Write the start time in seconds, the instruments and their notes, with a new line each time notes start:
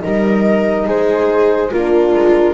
0.00 double bass G3, horn D#4, viola A#4, flute D#5
0.87 double bass G#3, viola G#4, flute C5
1.71 double bass A#3, horn D4, viola F4, flute A#4
2.14 double bass G#3